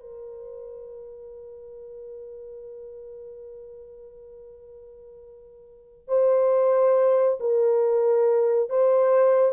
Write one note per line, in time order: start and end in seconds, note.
0.00 6.08 A#4
6.08 7.39 C5
7.40 8.70 A#4
8.70 9.53 C5